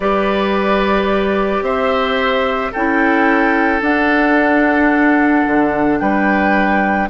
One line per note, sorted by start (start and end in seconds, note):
0.00 1.61 G3
0.00 2.73 G4
0.00 1.64 B4
0.00 1.63 D5
1.61 2.70 C4
1.61 2.71 C5
1.61 2.72 E5
2.71 3.81 C#4
2.71 3.81 E4
2.71 5.99 A4
2.71 3.82 G5
3.81 7.08 D4
3.81 5.45 D4
3.81 5.99 F#5
5.47 6.00 D3
5.99 7.09 G3
5.99 7.09 B4
5.99 7.08 G5